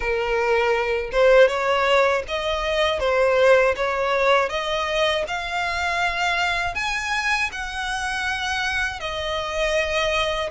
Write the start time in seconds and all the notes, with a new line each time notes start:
0.00 A#4
1.11 C5
1.48 C#5
2.27 D#5
2.99 C5
3.75 C#5
4.49 D#5
5.27 F5
6.75 G#5
7.52 F#5
9.00 D#5